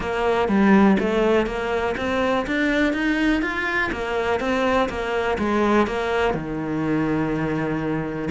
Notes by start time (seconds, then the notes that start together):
0.00 A#3
0.48 G3
0.99 A3
1.46 A#3
1.97 C4
2.46 D4
2.93 D#4
3.41 F4
3.92 A#3
4.40 C4
4.89 A#3
5.38 G#3
5.87 A#3
6.34 D#3